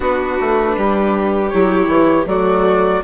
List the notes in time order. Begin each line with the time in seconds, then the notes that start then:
0.00 B3 D4 F#4 B4
0.40 A3
0.76 G3 G4
1.49 F#3 E4 C#5
1.87 E3
2.25 F#3 A3 F#4 D5